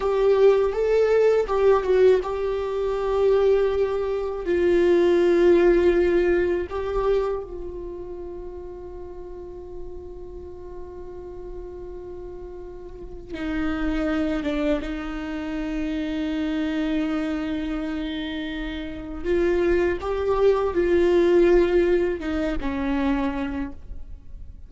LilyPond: \new Staff \with { instrumentName = "viola" } { \time 4/4 \tempo 4 = 81 g'4 a'4 g'8 fis'8 g'4~ | g'2 f'2~ | f'4 g'4 f'2~ | f'1~ |
f'2 dis'4. d'8 | dis'1~ | dis'2 f'4 g'4 | f'2 dis'8 cis'4. | }